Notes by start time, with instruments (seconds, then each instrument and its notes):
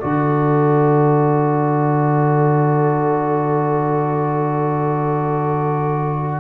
0.00 tuba D3, trombone F#4, horn A4, trumpet D5